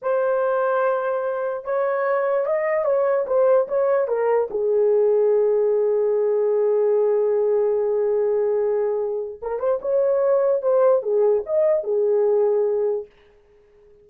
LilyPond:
\new Staff \with { instrumentName = "horn" } { \time 4/4 \tempo 4 = 147 c''1 | cis''2 dis''4 cis''4 | c''4 cis''4 ais'4 gis'4~ | gis'1~ |
gis'1~ | gis'2. ais'8 c''8 | cis''2 c''4 gis'4 | dis''4 gis'2. | }